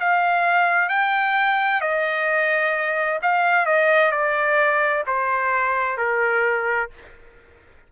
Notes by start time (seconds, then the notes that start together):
0.00 F5
0.89 G5
1.81 D#5
3.23 F5
3.66 D#5
4.12 D5
5.07 C5
5.98 A#4